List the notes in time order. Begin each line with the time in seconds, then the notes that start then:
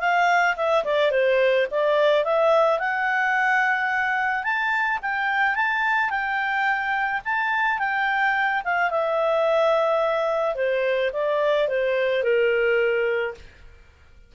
0.00 F5
0.57 E5
0.85 D5
1.11 C5
1.71 D5
2.25 E5
2.79 F#5
4.44 A5
5.02 G5
5.55 A5
6.10 G5
7.25 A5
7.79 G5
8.65 F5
8.91 E5
10.55 C5
11.13 D5
11.68 C5
12.23 A#4